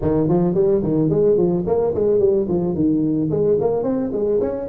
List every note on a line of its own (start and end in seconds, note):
0.02 0.28 D#3
0.28 0.54 F3
0.54 0.82 G3
0.82 1.09 D#3
1.09 1.37 G#3
1.37 1.64 F3
1.66 1.93 A#3
1.94 2.19 G#3
2.19 2.46 G3
2.48 2.74 F3
2.74 3.30 D#3
3.30 3.58 G#3
3.60 3.83 A#3
3.83 4.10 C4
4.12 4.39 G#3
4.40 4.68 C#4